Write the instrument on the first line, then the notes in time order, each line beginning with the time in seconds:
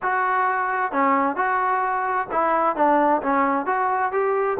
trombone
0.02 F#4
0.92 C#4
1.36 F#4
2.31 E4
2.76 D4
3.22 C#4
3.66 F#4
4.11 G4